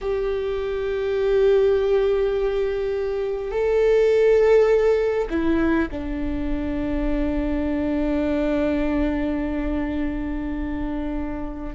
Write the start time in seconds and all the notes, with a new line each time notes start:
0.01 G4
3.51 A4
5.29 E4
5.90 D4